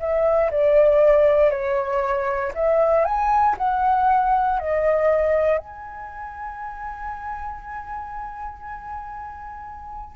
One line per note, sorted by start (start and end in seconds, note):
0.00 0.51 E5
0.51 1.50 D5
1.50 2.52 C#5
2.55 3.05 E5
3.05 3.56 G#5
3.58 4.59 F#5
4.59 5.58 D#5
5.58 10.16 G#5